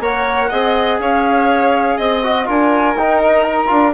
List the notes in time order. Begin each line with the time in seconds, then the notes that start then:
0.00 A#3 A#4 C#5 F#5
0.50 C4 G#4 D#5
1.00 C#4 C#5 F5
1.98 C4 D#5
2.23 F#4
2.46 D4 F4 A#4 G#5
2.96 D#4 G5
3.22 D#5
3.44 A#5
3.67 D4 F4